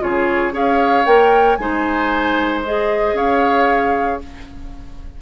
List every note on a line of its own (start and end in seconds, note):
0.00 0.52 C#3
0.00 0.51 F4
0.00 0.53 G#4
0.00 0.54 C#5
0.51 1.05 C#4
0.51 1.03 G#4
0.51 1.57 C#5
0.51 1.05 F5
1.05 1.57 A#3
1.05 1.58 A#4
1.05 1.55 G5
1.55 3.12 G#3
1.55 2.64 D#4
1.55 3.16 C5
1.55 2.60 G#5
2.64 4.21 G#4
2.64 3.16 D#5
3.12 4.17 C#4
3.12 4.20 C#5
3.12 4.20 F5